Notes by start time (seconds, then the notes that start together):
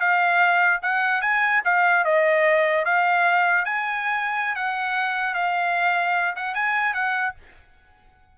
0.00 F5
0.83 F#5
1.22 G#5
1.65 F5
2.05 D#5
2.85 F5
3.65 G#5
4.56 F#5
5.35 F5
6.36 F#5
6.55 G#5
6.94 F#5